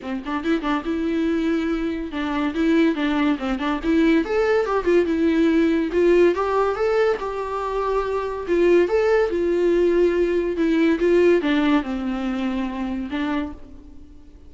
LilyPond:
\new Staff \with { instrumentName = "viola" } { \time 4/4 \tempo 4 = 142 c'8 d'8 e'8 d'8 e'2~ | e'4 d'4 e'4 d'4 | c'8 d'8 e'4 a'4 g'8 f'8 | e'2 f'4 g'4 |
a'4 g'2. | f'4 a'4 f'2~ | f'4 e'4 f'4 d'4 | c'2. d'4 | }